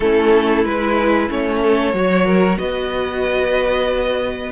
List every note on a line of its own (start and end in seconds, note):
0.00 0.64 A3
0.00 0.66 C#4
0.00 1.62 E4
0.00 0.64 A4
0.64 1.29 G#3
0.64 1.28 E4
0.64 1.29 B4
1.28 1.93 A3
1.28 1.92 C#4
1.28 2.58 C#5
1.62 1.94 A4
1.92 2.57 F#3
1.92 4.51 F#4
1.92 2.26 C#5
2.26 2.58 A#4
2.58 4.51 B3
2.58 4.51 B4
2.58 4.51 D#5